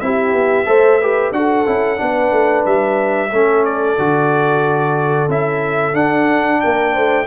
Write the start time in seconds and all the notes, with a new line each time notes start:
0.00 C4 E4 G4 E5
0.33 B3
0.66 A3 A4 C5
1.00 G4 B4
1.32 D4 F#4 A4 F#5
1.66 C#4 E4
1.97 B3 D4
2.03 B4
2.32 A3
2.66 G3 E5
3.31 A3 C#4 A4
3.65 D5
3.98 D3 F#4
5.29 C#4 E4 E5
5.94 D4 F#5
6.61 A#3 A#4 G5
6.93 A3 C5